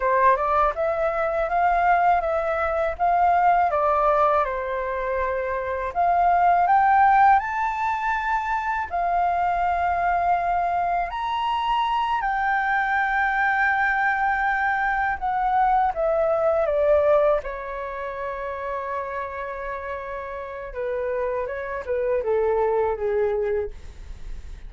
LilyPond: \new Staff \with { instrumentName = "flute" } { \time 4/4 \tempo 4 = 81 c''8 d''8 e''4 f''4 e''4 | f''4 d''4 c''2 | f''4 g''4 a''2 | f''2. ais''4~ |
ais''8 g''2.~ g''8~ | g''8 fis''4 e''4 d''4 cis''8~ | cis''1 | b'4 cis''8 b'8 a'4 gis'4 | }